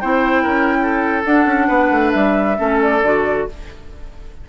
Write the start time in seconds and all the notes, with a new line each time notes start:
0.00 C4 E4 C5 G5
0.42 C#4 A#4
0.82 A4
1.24 D4 F#5
1.45 C#4
1.67 B3 B4
1.90 A3
2.11 G3 E5
2.57 A3 C#4 A4
2.81 D5
3.02 D3 F#4